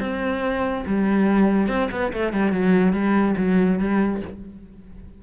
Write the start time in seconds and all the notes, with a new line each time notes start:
0.00 C4
0.87 G3
1.68 C4
1.91 B3
2.13 A3
2.33 G3
2.52 F#3
2.93 G3
3.37 F#3
3.79 G3